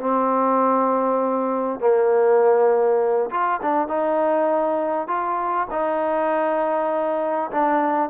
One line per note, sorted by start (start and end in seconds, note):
0.00 1.80 C4
1.80 3.30 A#3
3.30 3.60 F4
3.62 3.88 D4
3.88 5.07 D#4
5.07 5.67 F4
5.71 7.51 D#4
7.51 8.10 D4